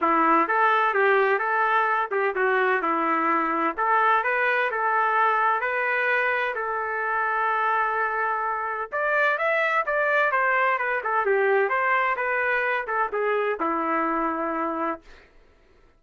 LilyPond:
\new Staff \with { instrumentName = "trumpet" } { \time 4/4 \tempo 4 = 128 e'4 a'4 g'4 a'4~ | a'8 g'8 fis'4 e'2 | a'4 b'4 a'2 | b'2 a'2~ |
a'2. d''4 | e''4 d''4 c''4 b'8 a'8 | g'4 c''4 b'4. a'8 | gis'4 e'2. | }